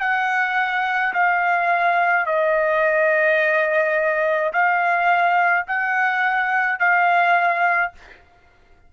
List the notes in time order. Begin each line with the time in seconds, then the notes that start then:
0.00 F#5
1.14 F5
2.26 D#5
4.53 F5
5.67 F#5
6.79 F5